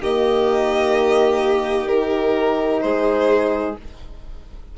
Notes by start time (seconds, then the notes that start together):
0.00 D#3 A#3 G4 D#5
1.88 D#4 A#4
2.81 G#3 G#4 C5